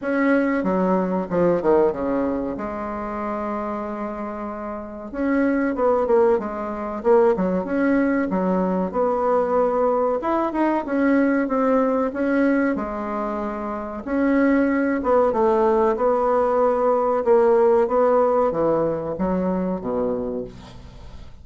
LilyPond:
\new Staff \with { instrumentName = "bassoon" } { \time 4/4 \tempo 4 = 94 cis'4 fis4 f8 dis8 cis4 | gis1 | cis'4 b8 ais8 gis4 ais8 fis8 | cis'4 fis4 b2 |
e'8 dis'8 cis'4 c'4 cis'4 | gis2 cis'4. b8 | a4 b2 ais4 | b4 e4 fis4 b,4 | }